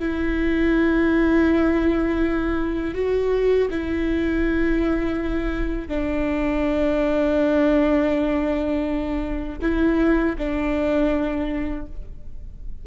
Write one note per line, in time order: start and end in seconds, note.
0.00 2.95 E4
2.95 3.69 F#4
3.71 5.89 E4
5.89 9.59 D4
9.62 10.36 E4
10.39 11.87 D4